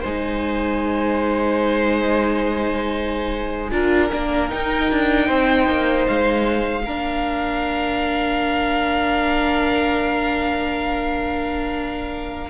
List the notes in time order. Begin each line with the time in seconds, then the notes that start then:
0.00 G#3 D#4 C5 G#5
3.71 D4 F4 A#4
4.11 A#3 D4
4.49 D#4 G5
4.91 D4
5.26 C4 C5
5.67 A#3
6.07 G#3 F5
6.85 A#3 D4 A#4